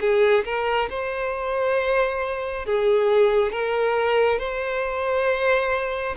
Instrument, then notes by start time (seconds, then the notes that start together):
violin
0.00 G#4
0.45 A#4
0.89 C5
2.65 G#4
3.52 A#4
4.39 C5